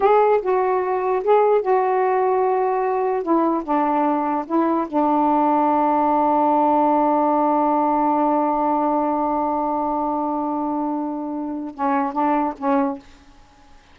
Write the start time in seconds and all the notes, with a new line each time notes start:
0.00 G#4
0.42 F#4
1.23 G#4
1.61 F#4
3.22 E4
3.64 D4
4.46 E4
4.87 D4
11.74 C#4
12.13 D4
12.58 C#4